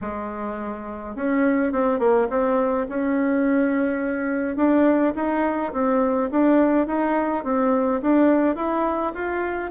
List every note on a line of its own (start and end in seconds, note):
0.01 1.15 G#3
1.15 1.72 C#4
1.72 1.99 C4
1.99 2.27 A#3
2.29 2.86 C4
2.88 4.56 C#4
4.56 5.13 D4
5.15 5.72 D#4
5.72 6.30 C4
6.31 6.86 D4
6.86 7.44 D#4
7.44 8.01 C4
8.01 8.55 D4
8.55 9.12 E4
9.14 9.70 F4